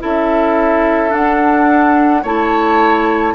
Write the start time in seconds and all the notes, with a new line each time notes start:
0.00 C#4 E4 A4 E5
1.10 D4 F#5
2.23 A3 E4 C#5 A5